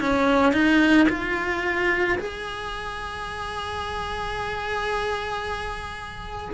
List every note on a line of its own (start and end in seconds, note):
0.00 0.53 C#4
0.53 1.07 D#4
1.09 2.18 F4
2.18 6.54 G#4